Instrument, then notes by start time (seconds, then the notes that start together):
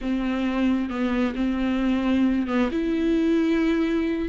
viola
0.01 C4
0.89 B3
1.35 C4
2.47 B3
2.71 E4